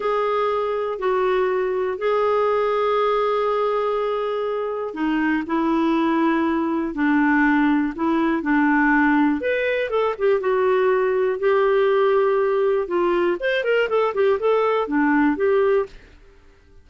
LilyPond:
\new Staff \with { instrumentName = "clarinet" } { \time 4/4 \tempo 4 = 121 gis'2 fis'2 | gis'1~ | gis'2 dis'4 e'4~ | e'2 d'2 |
e'4 d'2 b'4 | a'8 g'8 fis'2 g'4~ | g'2 f'4 c''8 ais'8 | a'8 g'8 a'4 d'4 g'4 | }